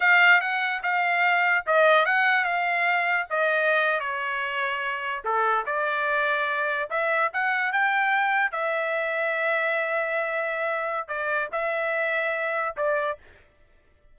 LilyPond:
\new Staff \with { instrumentName = "trumpet" } { \time 4/4 \tempo 4 = 146 f''4 fis''4 f''2 | dis''4 fis''4 f''2 | dis''4.~ dis''16 cis''2~ cis''16~ | cis''8. a'4 d''2~ d''16~ |
d''8. e''4 fis''4 g''4~ g''16~ | g''8. e''2.~ e''16~ | e''2. d''4 | e''2. d''4 | }